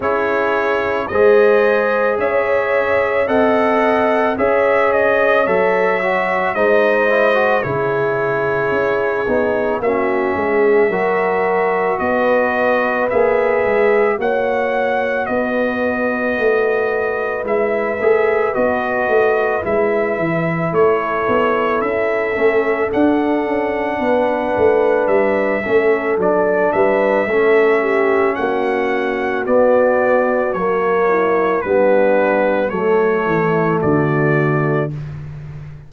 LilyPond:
<<
  \new Staff \with { instrumentName = "trumpet" } { \time 4/4 \tempo 4 = 55 cis''4 dis''4 e''4 fis''4 | e''8 dis''8 e''4 dis''4 cis''4~ | cis''4 e''2 dis''4 | e''4 fis''4 dis''2 |
e''4 dis''4 e''4 cis''4 | e''4 fis''2 e''4 | d''8 e''4. fis''4 d''4 | cis''4 b'4 cis''4 d''4 | }
  \new Staff \with { instrumentName = "horn" } { \time 4/4 gis'4 c''4 cis''4 dis''4 | cis''2 c''4 gis'4~ | gis'4 fis'8 gis'8 ais'4 b'4~ | b'4 cis''4 b'2~ |
b'2. a'4~ | a'2 b'4. a'8~ | a'8 b'8 a'8 g'8 fis'2~ | fis'8 e'8 d'4 a'8 e'8 fis'4 | }
  \new Staff \with { instrumentName = "trombone" } { \time 4/4 e'4 gis'2 a'4 | gis'4 a'8 fis'8 dis'8 e'16 fis'16 e'4~ | e'8 dis'8 cis'4 fis'2 | gis'4 fis'2. |
e'8 gis'8 fis'4 e'2~ | e'8 cis'8 d'2~ d'8 cis'8 | d'4 cis'2 b4 | ais4 b4 a2 | }
  \new Staff \with { instrumentName = "tuba" } { \time 4/4 cis'4 gis4 cis'4 c'4 | cis'4 fis4 gis4 cis4 | cis'8 b8 ais8 gis8 fis4 b4 | ais8 gis8 ais4 b4 a4 |
gis8 a8 b8 a8 gis8 e8 a8 b8 | cis'8 a8 d'8 cis'8 b8 a8 g8 a8 | fis8 g8 a4 ais4 b4 | fis4 g4 fis8 e8 d4 | }
>>